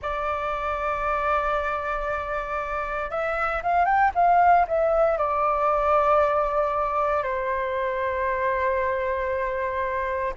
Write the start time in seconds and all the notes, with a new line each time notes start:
0.01 D5
3.10 E5
3.62 F5
3.85 G5
4.14 F5
4.67 E5
5.17 D5
7.23 C5